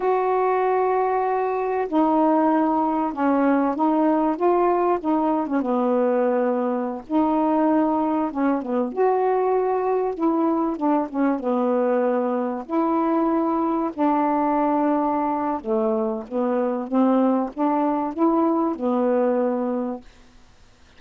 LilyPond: \new Staff \with { instrumentName = "saxophone" } { \time 4/4 \tempo 4 = 96 fis'2. dis'4~ | dis'4 cis'4 dis'4 f'4 | dis'8. cis'16 b2~ b16 dis'8.~ | dis'4~ dis'16 cis'8 b8 fis'4.~ fis'16~ |
fis'16 e'4 d'8 cis'8 b4.~ b16~ | b16 e'2 d'4.~ d'16~ | d'4 a4 b4 c'4 | d'4 e'4 b2 | }